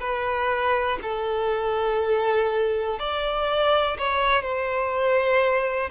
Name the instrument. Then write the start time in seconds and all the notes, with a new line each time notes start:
violin
0.00 B4
1.02 A4
2.99 D5
3.98 C#5
4.42 C5